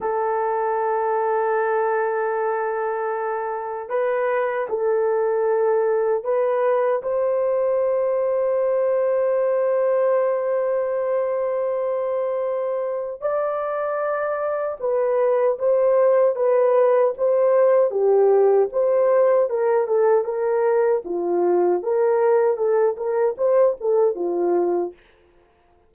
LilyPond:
\new Staff \with { instrumentName = "horn" } { \time 4/4 \tempo 4 = 77 a'1~ | a'4 b'4 a'2 | b'4 c''2.~ | c''1~ |
c''4 d''2 b'4 | c''4 b'4 c''4 g'4 | c''4 ais'8 a'8 ais'4 f'4 | ais'4 a'8 ais'8 c''8 a'8 f'4 | }